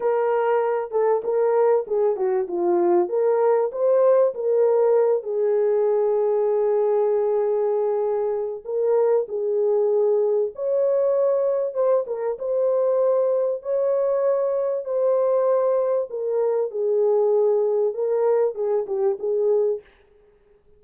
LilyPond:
\new Staff \with { instrumentName = "horn" } { \time 4/4 \tempo 4 = 97 ais'4. a'8 ais'4 gis'8 fis'8 | f'4 ais'4 c''4 ais'4~ | ais'8 gis'2.~ gis'8~ | gis'2 ais'4 gis'4~ |
gis'4 cis''2 c''8 ais'8 | c''2 cis''2 | c''2 ais'4 gis'4~ | gis'4 ais'4 gis'8 g'8 gis'4 | }